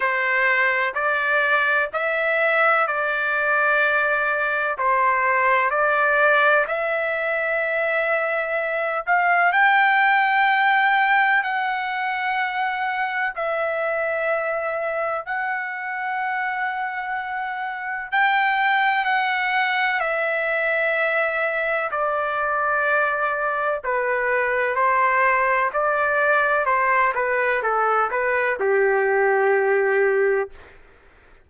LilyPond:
\new Staff \with { instrumentName = "trumpet" } { \time 4/4 \tempo 4 = 63 c''4 d''4 e''4 d''4~ | d''4 c''4 d''4 e''4~ | e''4. f''8 g''2 | fis''2 e''2 |
fis''2. g''4 | fis''4 e''2 d''4~ | d''4 b'4 c''4 d''4 | c''8 b'8 a'8 b'8 g'2 | }